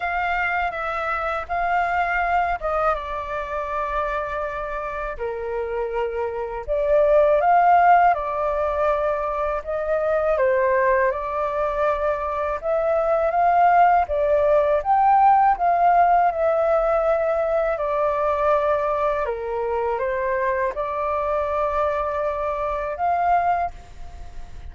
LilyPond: \new Staff \with { instrumentName = "flute" } { \time 4/4 \tempo 4 = 81 f''4 e''4 f''4. dis''8 | d''2. ais'4~ | ais'4 d''4 f''4 d''4~ | d''4 dis''4 c''4 d''4~ |
d''4 e''4 f''4 d''4 | g''4 f''4 e''2 | d''2 ais'4 c''4 | d''2. f''4 | }